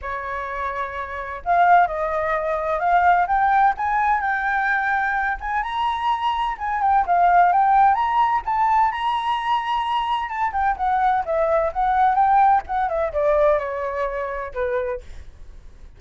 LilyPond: \new Staff \with { instrumentName = "flute" } { \time 4/4 \tempo 4 = 128 cis''2. f''4 | dis''2 f''4 g''4 | gis''4 g''2~ g''8 gis''8 | ais''2 gis''8 g''8 f''4 |
g''4 ais''4 a''4 ais''4~ | ais''2 a''8 g''8 fis''4 | e''4 fis''4 g''4 fis''8 e''8 | d''4 cis''2 b'4 | }